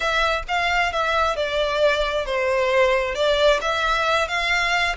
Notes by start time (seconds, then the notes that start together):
0.00 E5
0.48 F5
0.92 E5
1.36 D5
2.25 C5
3.14 D5
3.61 E5
4.28 F5